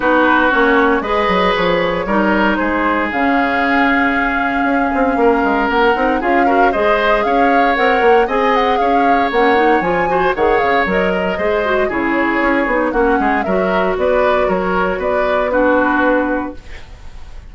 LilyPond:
<<
  \new Staff \with { instrumentName = "flute" } { \time 4/4 \tempo 4 = 116 b'4 cis''4 dis''4 cis''4~ | cis''4 c''4 f''2~ | f''2. fis''4 | f''4 dis''4 f''4 fis''4 |
gis''8 fis''8 f''4 fis''4 gis''4 | fis''8 f''8 dis''2 cis''4~ | cis''4 fis''4 e''4 d''4 | cis''4 d''4 b'2 | }
  \new Staff \with { instrumentName = "oboe" } { \time 4/4 fis'2 b'2 | ais'4 gis'2.~ | gis'2 ais'2 | gis'8 ais'8 c''4 cis''2 |
dis''4 cis''2~ cis''8 c''8 | cis''4. ais'8 c''4 gis'4~ | gis'4 fis'8 gis'8 ais'4 b'4 | ais'4 b'4 fis'2 | }
  \new Staff \with { instrumentName = "clarinet" } { \time 4/4 dis'4 cis'4 gis'2 | dis'2 cis'2~ | cis'2.~ cis'8 dis'8 | f'8 fis'8 gis'2 ais'4 |
gis'2 cis'8 dis'8 f'8 fis'8 | gis'4 ais'4 gis'8 fis'8 e'4~ | e'8 dis'8 cis'4 fis'2~ | fis'2 d'2 | }
  \new Staff \with { instrumentName = "bassoon" } { \time 4/4 b4 ais4 gis8 fis8 f4 | g4 gis4 cis2~ | cis4 cis'8 c'8 ais8 gis8 ais8 c'8 | cis'4 gis4 cis'4 c'8 ais8 |
c'4 cis'4 ais4 f4 | dis8 cis8 fis4 gis4 cis4 | cis'8 b8 ais8 gis8 fis4 b4 | fis4 b2. | }
>>